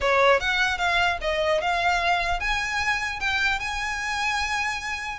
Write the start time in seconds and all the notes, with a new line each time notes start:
0.00 C#5
0.39 F#5
0.77 F5
1.21 D#5
1.61 F5
2.40 G#5
3.19 G5
3.59 G#5